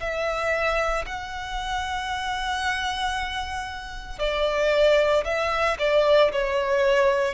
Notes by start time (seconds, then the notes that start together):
0.00 E5
1.06 F#5
4.19 D5
5.25 E5
5.79 D5
6.32 C#5